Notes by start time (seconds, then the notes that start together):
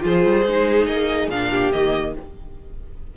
0.00 F3 F4 G#4 C5
0.25 G3
0.45 G#3 D#4
0.87 A#3 D#5
1.28 A#2 D4 F5
1.49 G4
1.72 D#3 A#3 D#5